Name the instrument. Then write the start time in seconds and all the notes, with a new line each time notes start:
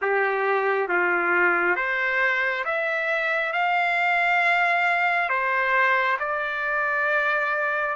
trumpet
0.01 G4
0.88 F4
1.76 C5
2.65 E5
3.53 F5
5.29 C5
6.19 D5